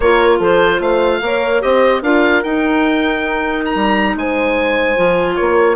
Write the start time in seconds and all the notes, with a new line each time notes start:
0.00 A#3 F4 A#4 C#5
0.38 F3 A4 C5
0.80 A3 C5 F5
1.21 A#3 A#4 C#5
1.61 C4 G4 C5 D#5
2.01 D4 F4 A#4 F5
2.43 D#4 G5
3.65 A#5
3.75 G3
4.15 G#3 C5 G#5
4.96 F3 F4
5.35 A#3 A#4 C#5